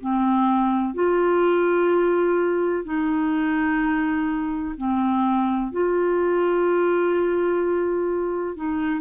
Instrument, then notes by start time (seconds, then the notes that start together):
clarinet
0.00 C4
0.94 F4
2.85 D#4
4.77 C4
5.72 F4
8.56 D#4